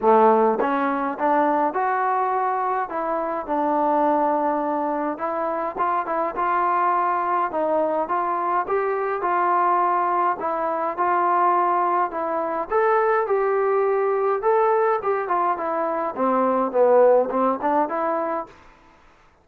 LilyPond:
\new Staff \with { instrumentName = "trombone" } { \time 4/4 \tempo 4 = 104 a4 cis'4 d'4 fis'4~ | fis'4 e'4 d'2~ | d'4 e'4 f'8 e'8 f'4~ | f'4 dis'4 f'4 g'4 |
f'2 e'4 f'4~ | f'4 e'4 a'4 g'4~ | g'4 a'4 g'8 f'8 e'4 | c'4 b4 c'8 d'8 e'4 | }